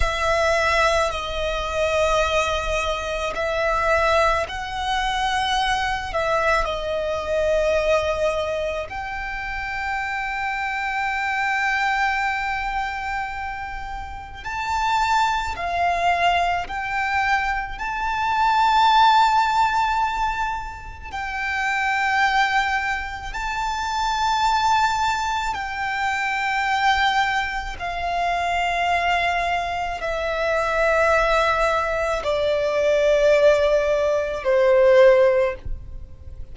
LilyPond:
\new Staff \with { instrumentName = "violin" } { \time 4/4 \tempo 4 = 54 e''4 dis''2 e''4 | fis''4. e''8 dis''2 | g''1~ | g''4 a''4 f''4 g''4 |
a''2. g''4~ | g''4 a''2 g''4~ | g''4 f''2 e''4~ | e''4 d''2 c''4 | }